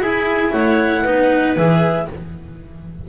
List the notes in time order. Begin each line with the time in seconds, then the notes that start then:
0.00 E4 G#4 G#5
0.52 A3 C#5 F#5
1.03 B3 D#4 B4
1.57 E3 G#4 E5